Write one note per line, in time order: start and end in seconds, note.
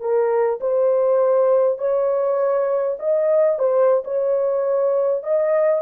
0.00 0.59 A#4
0.60 1.78 C5
1.78 2.97 C#5
2.99 3.58 D#5
3.58 4.03 C5
4.04 5.23 C#5
5.23 5.82 D#5